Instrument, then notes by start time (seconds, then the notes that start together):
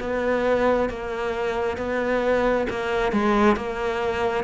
cello
0.00 B3
0.90 A#3
1.77 B3
2.70 A#3
3.12 G#3
3.56 A#3